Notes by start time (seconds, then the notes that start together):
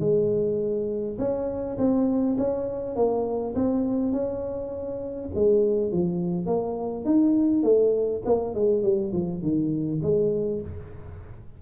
0.00 G#3
1.19 C#4
1.78 C4
2.38 C#4
2.96 A#3
3.55 C4
4.13 C#4
5.35 G#3
5.93 F3
6.47 A#3
7.05 D#4
7.64 A3
8.26 A#3
8.55 G#3
8.84 G3
9.13 F3
9.43 D#3
10.03 G#3